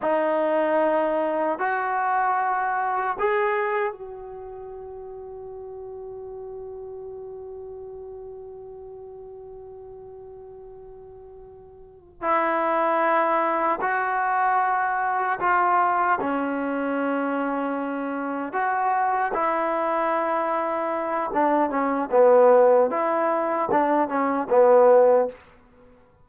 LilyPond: \new Staff \with { instrumentName = "trombone" } { \time 4/4 \tempo 4 = 76 dis'2 fis'2 | gis'4 fis'2.~ | fis'1~ | fis'2.~ fis'8 e'8~ |
e'4. fis'2 f'8~ | f'8 cis'2. fis'8~ | fis'8 e'2~ e'8 d'8 cis'8 | b4 e'4 d'8 cis'8 b4 | }